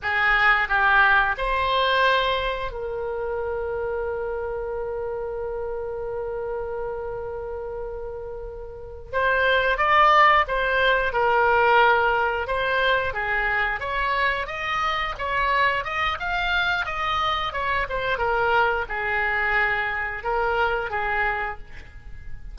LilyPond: \new Staff \with { instrumentName = "oboe" } { \time 4/4 \tempo 4 = 89 gis'4 g'4 c''2 | ais'1~ | ais'1~ | ais'4. c''4 d''4 c''8~ |
c''8 ais'2 c''4 gis'8~ | gis'8 cis''4 dis''4 cis''4 dis''8 | f''4 dis''4 cis''8 c''8 ais'4 | gis'2 ais'4 gis'4 | }